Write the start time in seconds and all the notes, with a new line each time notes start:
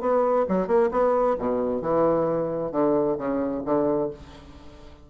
0.00 B3
0.48 F#3
0.67 A#3
0.91 B3
1.38 B2
1.81 E3
2.71 D3
3.17 C#3
3.65 D3